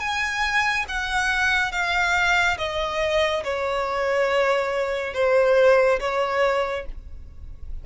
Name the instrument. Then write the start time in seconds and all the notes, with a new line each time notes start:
violin
0.00 G#5
0.89 F#5
1.72 F5
2.58 D#5
3.44 C#5
5.14 C5
6.00 C#5